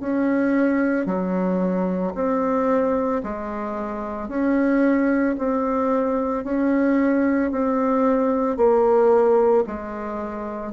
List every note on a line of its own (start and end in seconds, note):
0.00 1.06 C#4
1.06 2.13 F#3
2.15 3.22 C4
3.23 4.29 G#3
4.29 5.36 C#4
5.38 6.44 C4
6.44 7.51 C#4
7.51 8.57 C4
8.57 9.64 A#3
9.67 10.72 G#3